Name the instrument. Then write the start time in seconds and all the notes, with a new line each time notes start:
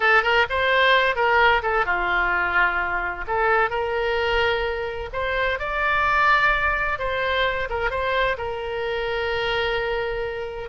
oboe
0.00 A4
0.22 A#4
0.49 C5
1.15 A#4
1.62 A4
1.85 F4
3.27 A4
3.70 A#4
5.12 C5
5.59 D5
6.98 C5
7.69 A#4
7.90 C5
8.37 A#4